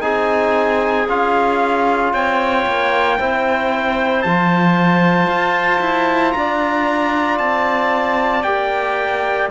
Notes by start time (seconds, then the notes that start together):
0.00 C4 D#4 G#4 G#5
1.08 C#4 F4 F5
2.13 C4 C#5 G5
2.66 A#3
3.18 C4 E4 C5
4.22 F3 F4 A5
5.27 F4
5.80 E4
6.32 D4 D5 A#5
7.37 C4 A5
8.43 A#3 G4 G5